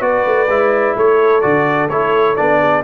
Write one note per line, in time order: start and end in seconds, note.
0.00 0.24 B3
0.00 0.47 F#4
0.00 0.96 B4
0.00 0.96 D5
0.25 0.47 A3
0.47 0.94 G#3
0.47 1.41 E4
0.96 1.43 A3
0.96 2.60 A4
0.96 1.41 C#5
1.41 1.88 D3
1.41 1.89 F#4
1.41 1.88 D5
1.88 2.35 A3
1.88 2.36 E4
1.88 2.36 C#5
2.36 2.83 B3
2.36 2.83 D4
2.36 2.83 D5
2.60 2.83 G#4